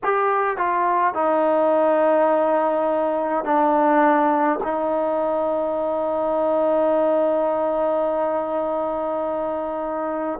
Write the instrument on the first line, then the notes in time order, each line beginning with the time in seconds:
trombone
0.03 G4
0.57 F4
1.13 D#4
3.44 D4
4.63 D#4